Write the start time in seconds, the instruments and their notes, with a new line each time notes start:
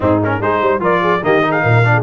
0.00 tuba G#2, trombone C4, horn D#4, trumpet G#4
0.24 trombone C#4, trumpet A#4
0.40 tuba G#3, trombone D#4, horn G#4, trumpet C5
0.61 tuba G3, horn C5
0.79 tuba F3, trombone F4, horn A#4, trumpet D5
1.01 horn G#4
1.22 tuba D#3, trombone A#3, horn G4, trumpet D#5
1.42 trombone D#4
1.49 horn G#4, trumpet F5
1.62 tuba A#2, horn A#4
1.84 trombone D4
1.94 horn G#4